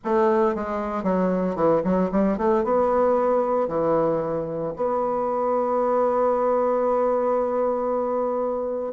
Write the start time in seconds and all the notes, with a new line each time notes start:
0.04 A3
0.55 G#3
1.03 F#3
1.55 E3
1.83 F#3
2.11 G3
2.37 A3
2.64 B3
3.68 E3
4.76 B3